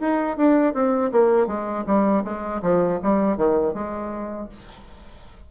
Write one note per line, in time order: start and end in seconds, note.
0.00 0.36 D#4
0.36 0.74 D4
0.74 1.11 C4
1.11 1.47 A#3
1.47 1.84 G#3
1.86 2.24 G3
2.24 2.61 G#3
2.62 2.99 F3
3.02 3.36 G3
3.36 3.73 D#3
3.73 4.48 G#3